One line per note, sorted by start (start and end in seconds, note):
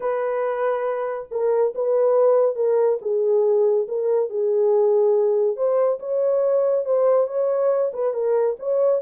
0.00 1.28 B4
1.31 1.74 A#4
1.75 2.55 B4
2.55 2.98 A#4
3.01 3.87 G#4
3.87 4.29 A#4
4.29 5.56 G#4
5.56 5.99 C5
5.99 6.85 C#5
6.85 7.27 C5
7.27 7.91 C#5
7.93 8.13 B4
8.13 8.56 A#4
8.59 9.01 C#5